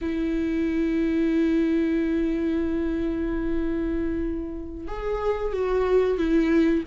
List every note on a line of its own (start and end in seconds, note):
0.01 4.87 E4
4.87 5.53 G#4
5.53 6.18 F#4
6.18 6.83 E4